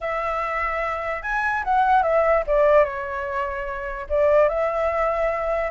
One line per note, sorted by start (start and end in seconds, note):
0.00 1.22 E5
1.22 1.63 G#5
1.64 2.02 F#5
2.02 2.43 E5
2.47 2.84 D5
2.84 4.06 C#5
4.09 4.48 D5
4.48 5.70 E5